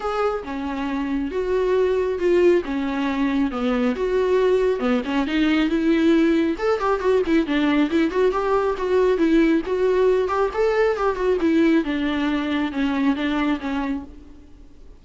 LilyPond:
\new Staff \with { instrumentName = "viola" } { \time 4/4 \tempo 4 = 137 gis'4 cis'2 fis'4~ | fis'4 f'4 cis'2 | b4 fis'2 b8 cis'8 | dis'4 e'2 a'8 g'8 |
fis'8 e'8 d'4 e'8 fis'8 g'4 | fis'4 e'4 fis'4. g'8 | a'4 g'8 fis'8 e'4 d'4~ | d'4 cis'4 d'4 cis'4 | }